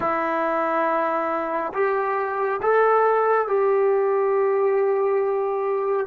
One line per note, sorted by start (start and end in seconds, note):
0.00 1.72 E4
1.73 2.60 G4
2.61 3.47 A4
3.47 6.06 G4